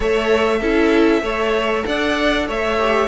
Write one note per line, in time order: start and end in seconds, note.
0.00 0.61 A3
0.00 0.61 A4
0.00 0.59 C#5
0.00 1.86 E5
0.60 1.21 C#4
0.60 1.22 E4
0.60 1.22 A4
1.21 1.83 A3
1.21 2.77 A4
1.21 1.84 C#5
1.86 2.48 D4
1.86 2.47 D5
1.86 2.47 F#5
2.47 3.07 A3
2.47 3.07 C#5
2.47 3.07 E5
2.79 3.07 G4